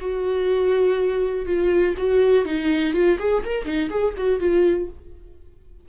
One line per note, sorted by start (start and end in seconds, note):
0.00 1.46 F#4
1.46 1.95 F4
1.98 2.45 F#4
2.45 2.94 D#4
2.94 3.18 F4
3.20 3.44 G#4
3.45 3.65 A#4
3.65 3.90 D#4
3.90 4.15 G#4
4.18 4.40 F#4
4.40 4.89 F4